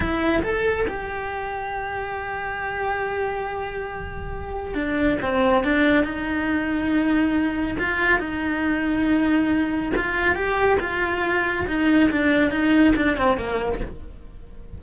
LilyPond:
\new Staff \with { instrumentName = "cello" } { \time 4/4 \tempo 4 = 139 e'4 a'4 g'2~ | g'1~ | g'2. d'4 | c'4 d'4 dis'2~ |
dis'2 f'4 dis'4~ | dis'2. f'4 | g'4 f'2 dis'4 | d'4 dis'4 d'8 c'8 ais4 | }